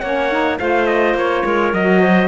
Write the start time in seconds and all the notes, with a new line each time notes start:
0.00 A#3 C#4 C#5 F#5
0.32 D#4
0.59 A3 F4 C5 F5
0.87 D#5
1.14 A#3 C#5
1.45 G#3 A#4
1.73 F#3 F#4 D#5
2.00 C5